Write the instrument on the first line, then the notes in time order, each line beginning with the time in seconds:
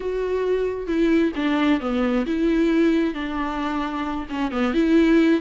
viola
0.00 F#4
0.87 E4
1.35 D4
1.80 B3
2.26 E4
3.14 D4
4.29 C#4
4.51 B3
4.73 E4